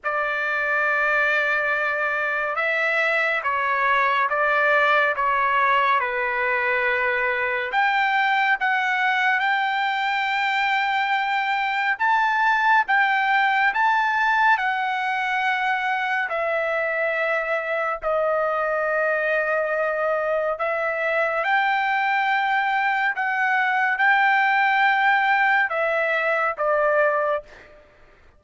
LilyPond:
\new Staff \with { instrumentName = "trumpet" } { \time 4/4 \tempo 4 = 70 d''2. e''4 | cis''4 d''4 cis''4 b'4~ | b'4 g''4 fis''4 g''4~ | g''2 a''4 g''4 |
a''4 fis''2 e''4~ | e''4 dis''2. | e''4 g''2 fis''4 | g''2 e''4 d''4 | }